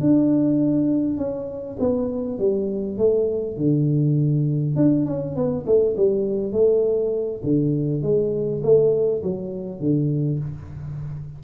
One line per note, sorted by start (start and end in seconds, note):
0.00 1.17 D4
1.17 1.77 C#4
1.79 2.38 B3
2.38 2.98 G3
2.98 3.57 A3
3.57 4.76 D3
4.76 5.05 D4
5.06 5.35 C#4
5.35 5.65 B3
5.66 5.96 A3
5.96 6.52 G3
6.52 7.41 A3
7.43 8.02 D3
8.02 8.62 G#3
8.63 9.22 A3
9.23 9.79 F#3
9.79 10.39 D3